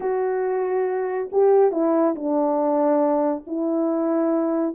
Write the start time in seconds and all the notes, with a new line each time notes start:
0.00 F#4
1.32 G4
1.71 E4
2.15 D4
3.46 E4